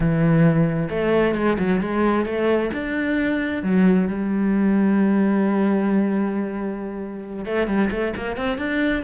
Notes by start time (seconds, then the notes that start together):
0.00 E3
0.89 A3
1.35 G#3
1.59 F#3
1.80 G#3
2.25 A3
2.72 D4
3.63 F#3
4.07 G3
7.45 A3
7.67 G3
7.91 A3
8.16 A#3
8.36 C4
8.58 D4